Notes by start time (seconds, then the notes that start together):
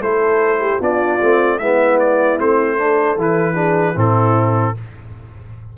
0.00 A3 E4 A4 C5
0.60 G4
0.79 B3 D4 F4 D5
1.21 A3 C4
1.58 G#3 B3 E4 E5
1.99 D5
2.38 A3 C4 C5
2.77 D4 A4
3.16 E3 E4 B4
3.54 D4 G#4
3.94 A2 C4 E4 A4